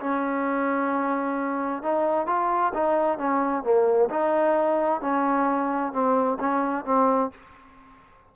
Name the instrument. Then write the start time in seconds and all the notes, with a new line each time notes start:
trombone
0.00 C#4
1.83 D#4
2.27 F4
2.74 D#4
3.18 C#4
3.64 A#3
4.10 D#4
5.01 C#4
5.93 C4
6.40 C#4
6.85 C4